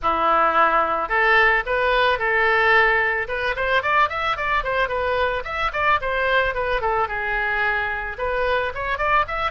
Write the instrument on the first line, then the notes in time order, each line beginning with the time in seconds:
oboe
0.02 E4
1.09 A4
1.66 B4
2.18 A4
3.28 B4
3.56 C5
3.82 D5
4.09 E5
4.37 D5
4.63 C5
4.88 B4
5.44 E5
5.72 D5
6.01 C5
6.54 B4
6.81 A4
7.08 G#4
8.18 B4
8.74 C#5
8.98 D5
9.27 E5